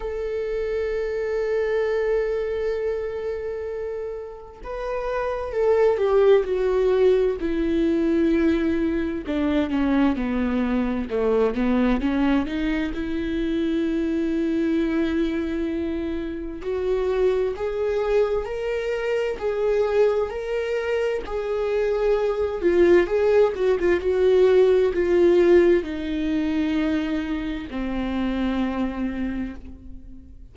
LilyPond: \new Staff \with { instrumentName = "viola" } { \time 4/4 \tempo 4 = 65 a'1~ | a'4 b'4 a'8 g'8 fis'4 | e'2 d'8 cis'8 b4 | a8 b8 cis'8 dis'8 e'2~ |
e'2 fis'4 gis'4 | ais'4 gis'4 ais'4 gis'4~ | gis'8 f'8 gis'8 fis'16 f'16 fis'4 f'4 | dis'2 c'2 | }